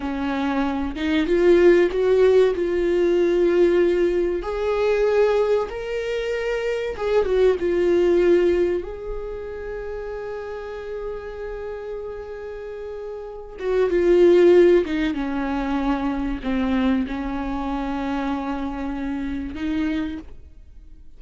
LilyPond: \new Staff \with { instrumentName = "viola" } { \time 4/4 \tempo 4 = 95 cis'4. dis'8 f'4 fis'4 | f'2. gis'4~ | gis'4 ais'2 gis'8 fis'8 | f'2 gis'2~ |
gis'1~ | gis'4. fis'8 f'4. dis'8 | cis'2 c'4 cis'4~ | cis'2. dis'4 | }